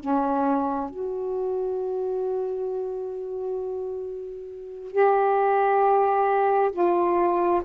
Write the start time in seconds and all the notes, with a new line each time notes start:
0.00 C#4
0.90 F#4
4.92 G4
6.72 F4